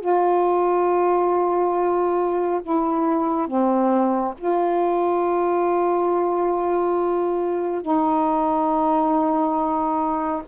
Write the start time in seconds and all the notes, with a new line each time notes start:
0.00 F4
2.62 E4
3.47 C4
4.38 F4
7.82 D#4